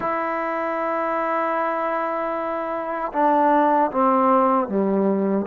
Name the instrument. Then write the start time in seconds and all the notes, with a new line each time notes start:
trombone
0.00 E4
3.12 D4
3.91 C4
4.68 G3